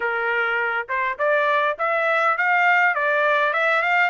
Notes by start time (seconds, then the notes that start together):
0.00 A#4
0.88 C5
1.18 D5
1.78 E5
2.37 F5
2.94 D5
3.53 E5
3.82 F5